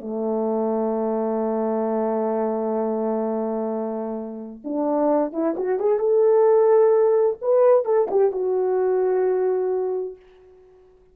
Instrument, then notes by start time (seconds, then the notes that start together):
horn
0.00 A3
4.64 D4
5.32 E4
5.57 F#4
5.79 G#4
5.99 A4
7.41 B4
7.85 A4
8.11 G4
8.32 F#4